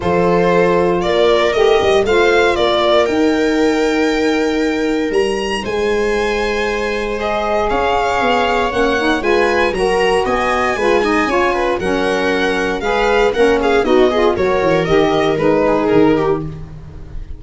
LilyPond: <<
  \new Staff \with { instrumentName = "violin" } { \time 4/4 \tempo 4 = 117 c''2 d''4 dis''4 | f''4 d''4 g''2~ | g''2 ais''4 gis''4~ | gis''2 dis''4 f''4~ |
f''4 fis''4 gis''4 ais''4 | gis''2. fis''4~ | fis''4 f''4 fis''8 f''8 dis''4 | cis''4 dis''4 b'4 ais'4 | }
  \new Staff \with { instrumentName = "viola" } { \time 4/4 a'2 ais'2 | c''4 ais'2.~ | ais'2. c''4~ | c''2. cis''4~ |
cis''2 b'4 ais'4 | dis''4 b'8 dis''8 cis''8 b'8 ais'4~ | ais'4 b'4 ais'8 gis'8 fis'8 gis'8 | ais'2~ ais'8 gis'4 g'8 | }
  \new Staff \with { instrumentName = "saxophone" } { \time 4/4 f'2. g'4 | f'2 dis'2~ | dis'1~ | dis'2 gis'2~ |
gis'4 cis'8 dis'8 f'4 fis'4~ | fis'4 f'8 dis'8 f'4 cis'4~ | cis'4 gis'4 cis'4 dis'8 f'8 | fis'4 g'4 dis'2 | }
  \new Staff \with { instrumentName = "tuba" } { \time 4/4 f2 ais4 a8 g8 | a4 ais4 dis'2~ | dis'2 g4 gis4~ | gis2. cis'4 |
b4 ais4 gis4 fis4 | b4 gis4 cis'4 fis4~ | fis4 gis4 ais4 b4 | fis8 e8 dis4 gis4 dis4 | }
>>